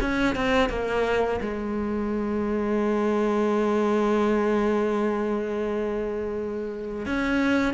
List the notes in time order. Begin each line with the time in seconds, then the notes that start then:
0.00 C#4
0.35 C4
0.70 A#3
1.41 G#3
7.06 C#4